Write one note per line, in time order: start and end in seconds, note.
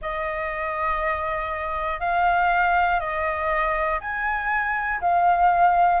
0.01 2.00 D#5
2.00 3.00 F5
3.00 4.00 D#5
4.00 5.00 G#5
5.00 6.00 F5